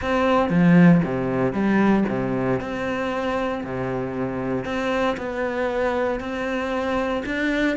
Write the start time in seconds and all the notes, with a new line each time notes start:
0.01 C4
0.49 F3
1.04 C3
1.52 G3
2.09 C3
2.60 C4
3.63 C3
4.64 C4
5.17 B3
6.20 C4
7.25 D4